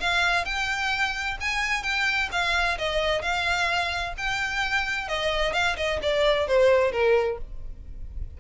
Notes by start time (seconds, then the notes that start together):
0.00 F5
0.45 G5
1.41 G#5
1.83 G5
2.32 F5
2.78 D#5
3.22 F5
4.17 G5
5.08 D#5
5.53 F5
5.77 D#5
6.02 D5
6.47 C5
6.92 A#4